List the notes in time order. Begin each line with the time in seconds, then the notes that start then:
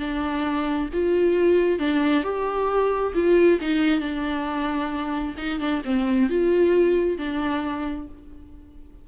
0.00 D4
0.93 F4
1.80 D4
2.24 G4
3.15 F4
3.61 D#4
4.01 D4
5.38 D#4
5.60 D4
5.85 C4
6.30 F4
7.18 D4